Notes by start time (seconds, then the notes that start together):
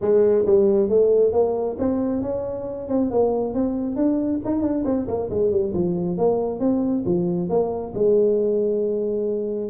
0.01 G#3
0.46 G3
0.89 A3
1.32 A#3
1.78 C4
2.22 C#4
2.88 C4
3.10 A#3
3.54 C4
3.96 D4
4.44 D#4
4.62 D4
4.84 C4
5.07 A#3
5.30 G#3
5.51 G3
5.73 F3
6.17 A#3
6.59 C4
7.05 F3
7.49 A#3
7.94 G#3